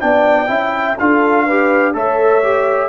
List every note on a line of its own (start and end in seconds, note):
0.00 0.49 B3
0.00 0.47 D4
0.00 0.50 D5
0.00 0.97 G5
0.47 0.97 C#4
0.47 0.95 E4
0.47 0.98 E5
0.98 1.94 D4
0.98 1.48 F4
0.98 1.45 A4
0.98 1.95 F5
1.45 1.94 G4
1.45 1.94 B4
1.94 2.89 A3
1.94 2.42 A4
1.94 2.89 C#5
1.94 2.89 E5
2.43 2.89 G4